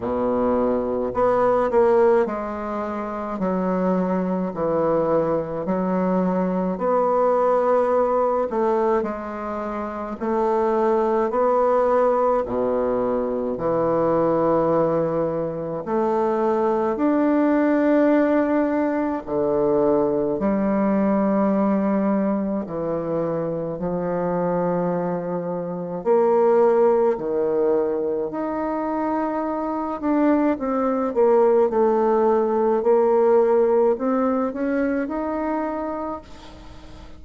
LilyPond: \new Staff \with { instrumentName = "bassoon" } { \time 4/4 \tempo 4 = 53 b,4 b8 ais8 gis4 fis4 | e4 fis4 b4. a8 | gis4 a4 b4 b,4 | e2 a4 d'4~ |
d'4 d4 g2 | e4 f2 ais4 | dis4 dis'4. d'8 c'8 ais8 | a4 ais4 c'8 cis'8 dis'4 | }